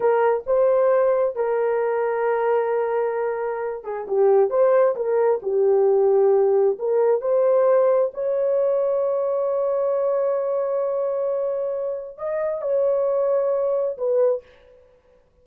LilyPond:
\new Staff \with { instrumentName = "horn" } { \time 4/4 \tempo 4 = 133 ais'4 c''2 ais'4~ | ais'1~ | ais'8 gis'8 g'4 c''4 ais'4 | g'2. ais'4 |
c''2 cis''2~ | cis''1~ | cis''2. dis''4 | cis''2. b'4 | }